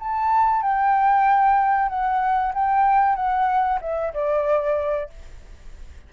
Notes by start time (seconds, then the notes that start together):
0.00 A5
0.62 G5
1.89 F#5
2.54 G5
3.16 F#5
3.82 E5
4.14 D5